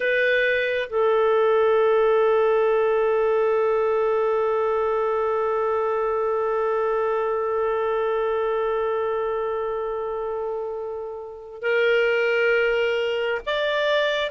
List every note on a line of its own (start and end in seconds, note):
0.00 0.89 B4
0.89 11.62 A4
11.62 13.41 A#4
13.46 14.30 D5